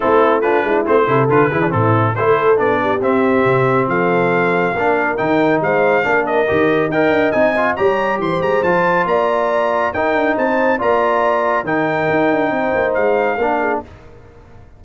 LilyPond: <<
  \new Staff \with { instrumentName = "trumpet" } { \time 4/4 \tempo 4 = 139 a'4 b'4 c''4 b'4 | a'4 c''4 d''4 e''4~ | e''4 f''2. | g''4 f''4. dis''4. |
g''4 gis''4 ais''4 c'''8 ais''8 | a''4 ais''2 g''4 | a''4 ais''2 g''4~ | g''2 f''2 | }
  \new Staff \with { instrumentName = "horn" } { \time 4/4 e'4 f'8 e'4 a'4 gis'8 | e'4 a'4. g'4.~ | g'4 a'2 ais'4~ | ais'4 c''4 ais'2 |
dis''2 cis''4 c''4~ | c''4 d''2 ais'4 | c''4 d''2 ais'4~ | ais'4 c''2 ais'8 gis'8 | }
  \new Staff \with { instrumentName = "trombone" } { \time 4/4 c'4 d'4 c'8 e'8 f'8 e'16 d'16 | c'4 e'4 d'4 c'4~ | c'2. d'4 | dis'2 d'4 g'4 |
ais'4 dis'8 f'8 g'2 | f'2. dis'4~ | dis'4 f'2 dis'4~ | dis'2. d'4 | }
  \new Staff \with { instrumentName = "tuba" } { \time 4/4 a4. gis8 a8 c8 d8 e8 | a,4 a4 b4 c'4 | c4 f2 ais4 | dis4 gis4 ais4 dis4 |
dis'8 d'8 c'4 g4 e8 gis8 | f4 ais2 dis'8 d'8 | c'4 ais2 dis4 | dis'8 d'8 c'8 ais8 gis4 ais4 | }
>>